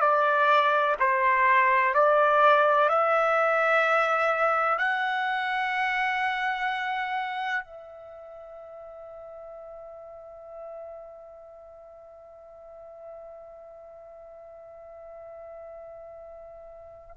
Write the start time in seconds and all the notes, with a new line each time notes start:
0.00 D5
1.00 C5
1.94 D5
2.89 E5
4.79 F#5
7.64 E5